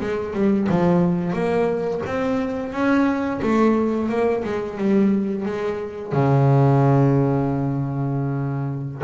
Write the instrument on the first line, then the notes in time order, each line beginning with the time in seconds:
double bass
0.00 G#3
0.34 G3
0.69 F3
1.33 A#3
2.06 C4
2.72 C#4
3.42 A3
4.09 A#3
4.44 G#3
4.78 G3
5.45 G#3
6.12 C#3